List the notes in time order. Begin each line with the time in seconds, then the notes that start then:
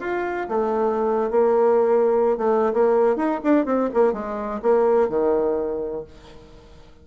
0.00 F4
0.49 A3
1.31 A#3
2.37 A3
2.73 A#3
3.16 D#4
3.44 D4
3.66 C4
3.94 A#3
4.13 G#3
4.63 A#3
5.09 D#3